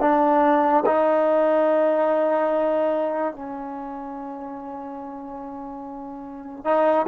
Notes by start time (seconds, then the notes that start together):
0.00 D4
0.86 D#4
3.33 C#4
6.64 D#4